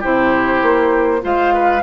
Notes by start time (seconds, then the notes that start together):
0.00 C3 E4 G4 C5
0.62 A#3
1.22 G#3 F4 C5 F5
1.54 B4